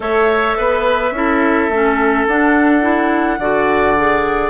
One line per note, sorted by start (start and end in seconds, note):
0.00 0.55 A3
0.00 1.11 A4
0.00 0.57 C#5
0.00 2.27 E5
0.57 1.11 B3
0.57 1.13 B4
1.11 1.68 C#4
1.11 1.71 E4
1.11 3.39 A4
1.68 2.25 A3
1.68 2.28 C#4
2.27 3.38 D4
2.27 2.81 D4
2.27 4.49 F#5
2.81 3.37 E4
3.38 4.49 D3
3.38 3.96 F#4
3.38 4.49 D5
3.97 4.49 G#4